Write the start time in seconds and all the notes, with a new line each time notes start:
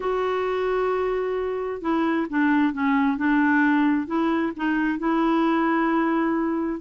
0.00 F#4
1.81 E4
2.29 D4
2.73 C#4
3.17 D4
4.06 E4
4.56 D#4
4.99 E4